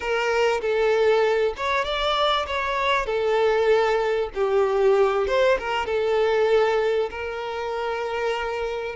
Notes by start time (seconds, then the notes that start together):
0.00 A#4
0.61 A4
1.56 C#5
1.84 D5
2.47 C#5
3.06 A4
4.34 G4
5.27 C5
5.58 A#4
5.85 A4
7.10 A#4